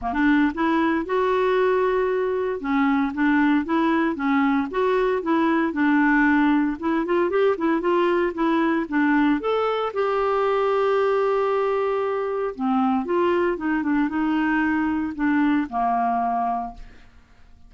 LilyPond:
\new Staff \with { instrumentName = "clarinet" } { \time 4/4 \tempo 4 = 115 ais16 d'8. e'4 fis'2~ | fis'4 cis'4 d'4 e'4 | cis'4 fis'4 e'4 d'4~ | d'4 e'8 f'8 g'8 e'8 f'4 |
e'4 d'4 a'4 g'4~ | g'1 | c'4 f'4 dis'8 d'8 dis'4~ | dis'4 d'4 ais2 | }